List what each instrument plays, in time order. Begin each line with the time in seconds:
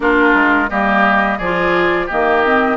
0.00 bassoon A#3, clarinet D4, oboe F4, flute A#4
0.34 bassoon G#3
0.69 bassoon G3, clarinet A#3, oboe G4, flute D#5
1.38 bassoon F3, clarinet F4, oboe G#4, flute D5
2.06 bassoon D#3, clarinet A#3, oboe G4, flute D#5
2.45 clarinet C4